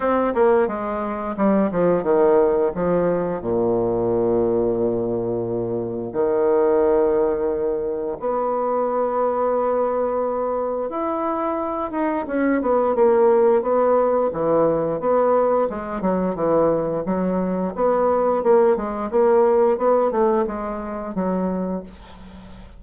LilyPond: \new Staff \with { instrumentName = "bassoon" } { \time 4/4 \tempo 4 = 88 c'8 ais8 gis4 g8 f8 dis4 | f4 ais,2.~ | ais,4 dis2. | b1 |
e'4. dis'8 cis'8 b8 ais4 | b4 e4 b4 gis8 fis8 | e4 fis4 b4 ais8 gis8 | ais4 b8 a8 gis4 fis4 | }